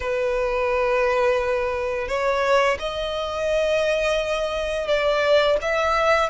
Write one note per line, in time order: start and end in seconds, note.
0.00 2.07 B4
2.07 2.77 C#5
2.79 4.87 D#5
4.87 5.57 D5
5.61 6.29 E5